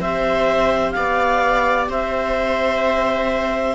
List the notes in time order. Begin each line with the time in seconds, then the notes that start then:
0.00 C4 G4 C5 E5
0.91 B3 D5 F5
1.88 C4 C5 E5